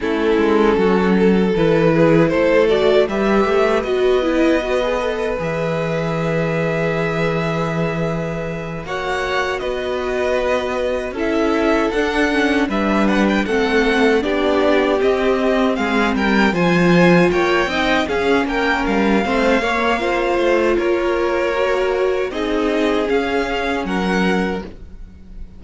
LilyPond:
<<
  \new Staff \with { instrumentName = "violin" } { \time 4/4 \tempo 4 = 78 a'2 b'4 c''8 d''8 | e''4 dis''2 e''4~ | e''2.~ e''8 fis''8~ | fis''8 dis''2 e''4 fis''8~ |
fis''8 e''8 fis''16 g''16 fis''4 d''4 dis''8~ | dis''8 f''8 g''8 gis''4 g''4 f''8 | g''8 f''2~ f''8 cis''4~ | cis''4 dis''4 f''4 fis''4 | }
  \new Staff \with { instrumentName = "violin" } { \time 4/4 e'4 fis'8 a'4 gis'8 a'4 | b'1~ | b'2.~ b'8 cis''8~ | cis''8 b'2 a'4.~ |
a'8 b'4 a'4 g'4.~ | g'8 gis'8 ais'8 c''4 cis''8 dis''8 gis'8 | ais'4 c''8 cis''8 c''4 ais'4~ | ais'4 gis'2 ais'4 | }
  \new Staff \with { instrumentName = "viola" } { \time 4/4 cis'2 e'4. fis'8 | g'4 fis'8 e'8 fis'16 gis'16 a'8 gis'4~ | gis'2.~ gis'8 fis'8~ | fis'2~ fis'8 e'4 d'8 |
cis'8 d'4 c'4 d'4 c'8~ | c'4. f'4. dis'8 cis'8~ | cis'4 c'8 ais8 f'2 | fis'4 dis'4 cis'2 | }
  \new Staff \with { instrumentName = "cello" } { \time 4/4 a8 gis8 fis4 e4 a4 | g8 a8 b2 e4~ | e2.~ e8 ais8~ | ais8 b2 cis'4 d'8~ |
d'8 g4 a4 b4 c'8~ | c'8 gis8 g8 f4 ais8 c'8 cis'8 | ais8 g8 a8 ais4 a8 ais4~ | ais4 c'4 cis'4 fis4 | }
>>